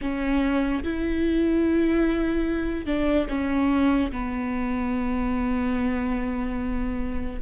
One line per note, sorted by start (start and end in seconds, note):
0.01 0.83 C#4
0.83 2.85 E4
2.85 3.27 D4
3.29 4.11 C#4
4.11 7.40 B3